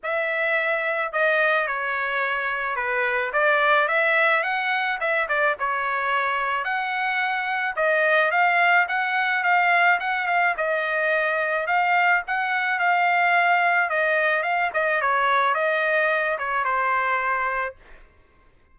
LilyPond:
\new Staff \with { instrumentName = "trumpet" } { \time 4/4 \tempo 4 = 108 e''2 dis''4 cis''4~ | cis''4 b'4 d''4 e''4 | fis''4 e''8 d''8 cis''2 | fis''2 dis''4 f''4 |
fis''4 f''4 fis''8 f''8 dis''4~ | dis''4 f''4 fis''4 f''4~ | f''4 dis''4 f''8 dis''8 cis''4 | dis''4. cis''8 c''2 | }